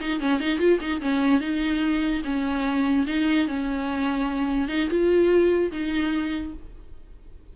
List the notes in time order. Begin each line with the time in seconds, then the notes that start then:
0.00 D#4
0.20 C#4
0.40 D#4
0.58 F4
0.80 D#4
1.01 C#4
1.40 D#4
2.24 C#4
3.06 D#4
3.47 C#4
4.68 D#4
4.89 F4
5.72 D#4